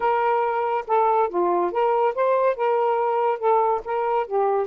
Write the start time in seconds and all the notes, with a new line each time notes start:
0.00 A#4
0.87 A4
1.29 F4
1.71 A#4
2.15 C5
2.56 A#4
3.38 A4
3.84 A#4
4.26 G4